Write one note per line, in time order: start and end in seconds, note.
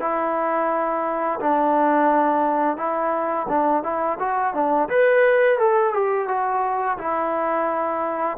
0.00 1.40 E4
1.40 2.77 D4
2.77 3.47 E4
3.49 3.83 D4
3.83 4.18 E4
4.19 4.53 F#4
4.53 4.88 D4
4.89 5.59 B4
5.59 5.94 A4
5.94 6.28 G4
6.28 6.97 F#4
6.98 8.37 E4